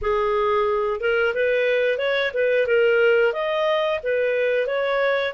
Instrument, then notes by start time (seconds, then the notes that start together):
clarinet
0.01 G#4
1.00 A#4
1.34 B4
1.98 C#5
2.33 B4
2.66 A#4
3.32 D#5
4.03 B4
4.66 C#5